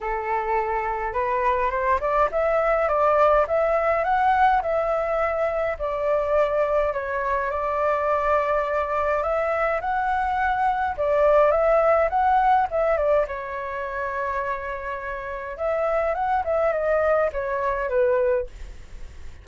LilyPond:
\new Staff \with { instrumentName = "flute" } { \time 4/4 \tempo 4 = 104 a'2 b'4 c''8 d''8 | e''4 d''4 e''4 fis''4 | e''2 d''2 | cis''4 d''2. |
e''4 fis''2 d''4 | e''4 fis''4 e''8 d''8 cis''4~ | cis''2. e''4 | fis''8 e''8 dis''4 cis''4 b'4 | }